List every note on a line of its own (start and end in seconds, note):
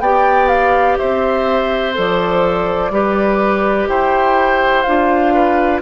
0.00 0.97 B3
0.00 1.94 G4
0.00 0.99 D5
0.00 0.48 G5
0.48 0.97 F5
0.98 1.98 C4
0.98 2.92 C5
0.98 1.94 E5
1.94 2.91 F3
1.94 2.91 A4
1.94 3.89 D5
2.91 3.87 G3
2.91 4.85 G4
2.91 3.89 B4
3.89 4.85 E4
3.89 5.34 C5
3.89 4.82 G5
4.82 5.82 D4
4.82 5.82 F4
4.82 5.79 F5
5.34 5.82 B4